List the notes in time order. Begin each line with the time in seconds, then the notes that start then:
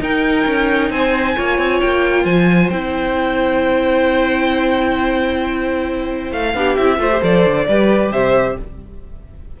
0.00 D#4 A#4 G5
0.46 C#4
0.90 C4 C5 G#5
1.35 A#3 F4 C#5
1.58 C4
1.80 A#3 G5
2.23 F3 C5 G#5
2.70 C4 E4 G5
6.31 A3 F5
6.54 B3 D4 G4
6.76 C4 E4 E5
6.98 A3 F4 C5
7.11 G4
7.21 F3 A4 D5
7.45 D3
7.68 G3 G4 B4
8.11 C3 C5 E5